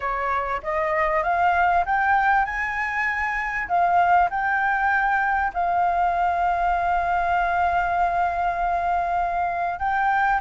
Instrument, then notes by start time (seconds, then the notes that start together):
flute
0.00 C#5
0.62 D#5
1.23 F5
1.85 G5
2.45 G#5
3.68 F5
4.29 G5
5.53 F5
9.79 G5